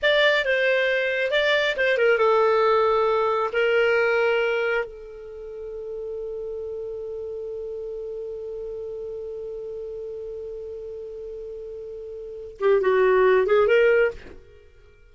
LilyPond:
\new Staff \with { instrumentName = "clarinet" } { \time 4/4 \tempo 4 = 136 d''4 c''2 d''4 | c''8 ais'8 a'2. | ais'2. a'4~ | a'1~ |
a'1~ | a'1~ | a'1~ | a'8 g'8 fis'4. gis'8 ais'4 | }